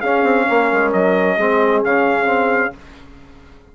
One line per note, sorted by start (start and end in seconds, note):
0.00 0.23 C#4
0.00 1.39 C#4
0.00 0.45 G#4
0.00 0.91 F5
0.23 0.46 C4
0.48 0.72 A#3
0.48 1.37 A#4
0.72 0.93 G#3
0.92 1.37 F#3
0.92 1.83 D#5
1.37 1.83 G#3
1.37 1.84 C4
1.37 2.74 G#4
1.83 2.74 C#3
1.83 2.25 C#4
1.83 2.75 F5
2.25 2.70 C4